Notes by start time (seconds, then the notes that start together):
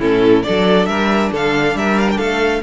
0.00 A2 C#4 E4 A4
0.43 F#3 D4 A4 D5
0.86 G3 A#4 E5
1.32 D3 A4 F5
1.75 G3 A#4 E5
2.00 F5
2.11 G5
2.18 A3 A4 F5